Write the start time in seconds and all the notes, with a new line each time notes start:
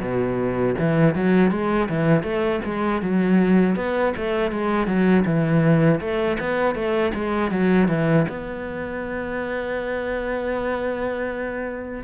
0.00 B2
0.79 E3
1.15 F#3
1.51 G#3
1.89 E3
2.23 A3
2.65 G#3
3.02 F#3
3.76 B3
4.17 A3
4.52 G#3
4.87 F#3
5.26 E3
6.01 A3
6.40 B3
6.75 A3
7.15 G#3
7.51 F#3
7.89 E3
8.29 B3